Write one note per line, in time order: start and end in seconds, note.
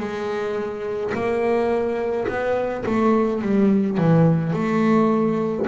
0.00 1.13 G#3
1.14 2.27 A#3
2.27 2.84 B3
2.86 3.42 A3
3.42 3.97 G3
3.97 4.53 E3
4.53 5.66 A3